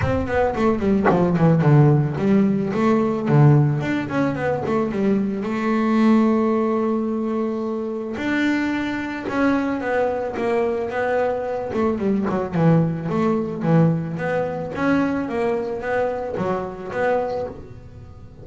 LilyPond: \new Staff \with { instrumentName = "double bass" } { \time 4/4 \tempo 4 = 110 c'8 b8 a8 g8 f8 e8 d4 | g4 a4 d4 d'8 cis'8 | b8 a8 g4 a2~ | a2. d'4~ |
d'4 cis'4 b4 ais4 | b4. a8 g8 fis8 e4 | a4 e4 b4 cis'4 | ais4 b4 fis4 b4 | }